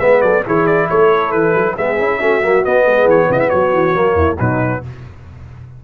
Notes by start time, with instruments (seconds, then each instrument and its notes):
0.00 tuba G#3, trombone B3, horn B4, trumpet E5
0.22 tuba F#3, horn A4, trumpet D5
0.46 tuba E3, trombone E4, horn G#4, trumpet C#5
0.67 trumpet D5
0.90 tuba A3, horn A4, trumpet C#5
1.32 tuba E3, trumpet B4
1.55 tuba F#3
1.76 tuba G#3, trombone B3, horn G#4, trumpet E5
2.00 tuba C#4, trombone E4
2.20 tuba A3, trombone C#4, horn F#4
2.42 tuba F#3, trombone A#3
2.64 trombone B3, tuba B3, trumpet D#5
2.86 tuba G#3, horn G#4
3.06 tuba E3, trumpet C#5
3.30 tuba C#3, horn E4, trumpet D#5
3.40 trumpet E5
3.50 tuba F#3, horn F#4, trumpet C#5
3.74 tuba E3
3.94 tuba F#3, trombone A#3
4.15 tuba E2, horn E4
4.39 tuba B2, trombone F#3, horn D#4, trumpet B4